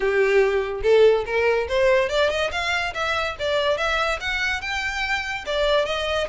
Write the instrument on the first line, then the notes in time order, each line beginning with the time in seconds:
violin
0.00 G4
0.83 A4
1.25 A#4
1.68 C5
2.09 D5
2.29 D#5
2.51 F5
2.94 E5
3.39 D5
3.77 E5
4.20 F#5
4.61 G5
5.45 D5
5.85 D#5